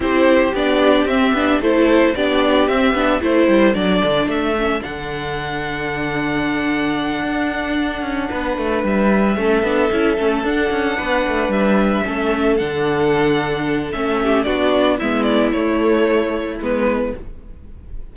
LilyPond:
<<
  \new Staff \with { instrumentName = "violin" } { \time 4/4 \tempo 4 = 112 c''4 d''4 e''4 c''4 | d''4 e''4 c''4 d''4 | e''4 fis''2.~ | fis''1~ |
fis''8 e''2. fis''8~ | fis''4. e''2 fis''8~ | fis''2 e''4 d''4 | e''8 d''8 cis''2 b'4 | }
  \new Staff \with { instrumentName = "violin" } { \time 4/4 g'2. a'4 | g'2 a'2~ | a'1~ | a'2.~ a'8 b'8~ |
b'4. a'2~ a'8~ | a'8 b'2 a'4.~ | a'2~ a'8 g'8 fis'4 | e'1 | }
  \new Staff \with { instrumentName = "viola" } { \time 4/4 e'4 d'4 c'8 d'8 e'4 | d'4 c'8 d'8 e'4 d'4~ | d'8 cis'8 d'2.~ | d'1~ |
d'4. cis'8 d'8 e'8 cis'8 d'8~ | d'2~ d'8 cis'4 d'8~ | d'2 cis'4 d'4 | b4 a2 b4 | }
  \new Staff \with { instrumentName = "cello" } { \time 4/4 c'4 b4 c'8 b8 a4 | b4 c'8 b8 a8 g8 fis8 d8 | a4 d2.~ | d4. d'4. cis'8 b8 |
a8 g4 a8 b8 cis'8 a8 d'8 | cis'8 b8 a8 g4 a4 d8~ | d2 a4 b4 | gis4 a2 gis4 | }
>>